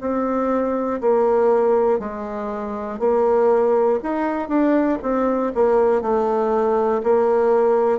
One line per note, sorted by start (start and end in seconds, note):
0.00 1.00 C4
1.00 1.99 A#3
1.99 2.99 G#3
2.99 3.99 A#3
4.02 4.48 D#4
4.48 4.98 D4
5.02 5.52 C4
5.55 6.01 A#3
6.01 7.01 A3
7.03 7.98 A#3